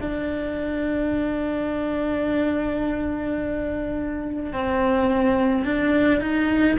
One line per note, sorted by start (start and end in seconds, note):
0.00 4.52 D4
4.52 5.64 C4
5.64 6.21 D4
6.21 6.77 D#4